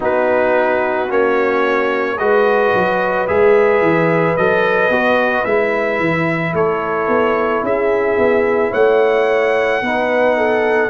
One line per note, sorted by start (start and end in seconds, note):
0.00 1.10 B3
0.00 1.08 D#4
0.00 2.15 F#4
0.00 1.11 B4
1.08 2.18 A#3
1.08 2.17 C#4
1.08 2.18 C#5
2.18 2.73 G#3
2.18 3.27 F#4
2.18 6.55 B4
2.18 3.27 D#5
2.73 3.28 F#3
3.27 3.81 G#3
3.27 4.36 G#4
3.27 4.36 E5
3.81 4.35 E3
4.36 4.89 F#3
4.36 4.91 A4
4.36 5.45 D#5
4.89 5.43 B3
4.89 5.46 F#4
5.45 5.99 G#3
5.45 9.82 E4
5.45 6.54 E5
5.99 6.53 E3
6.53 7.07 A3
6.53 7.64 A4
6.53 7.64 C#5
7.07 7.62 B3
7.62 8.17 C#4
7.62 8.71 G#4
7.62 8.73 E5
8.17 8.72 B3
8.71 9.81 A3
8.71 9.80 C#5
8.71 10.89 F#5
9.81 10.89 B3
9.81 10.89 D#4
9.81 10.37 B4
10.37 10.89 A4